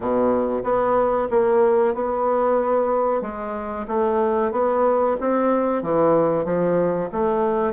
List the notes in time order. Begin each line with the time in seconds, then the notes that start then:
0.00 B2
0.63 B3
1.30 A#3
1.94 B3
3.21 G#3
3.87 A3
4.51 B3
5.20 C4
5.82 E3
6.45 F3
7.12 A3